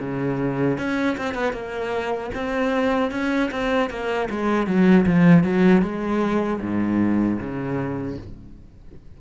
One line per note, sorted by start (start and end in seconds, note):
0.00 0.78 C#3
0.78 1.17 C#4
1.18 1.35 C4
1.35 1.53 B3
1.53 2.31 A#3
2.34 3.12 C4
3.12 3.51 C#4
3.52 3.90 C4
3.90 4.29 A#3
4.30 4.67 G#3
4.67 5.06 F#3
5.07 5.44 F3
5.44 5.83 F#3
5.83 6.60 G#3
6.61 7.39 G#2
7.40 8.18 C#3